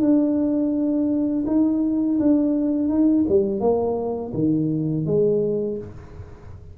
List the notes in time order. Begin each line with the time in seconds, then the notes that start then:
0.00 D4
1.46 D#4
2.19 D4
2.88 D#4
3.28 G3
3.60 A#3
4.33 D#3
5.05 G#3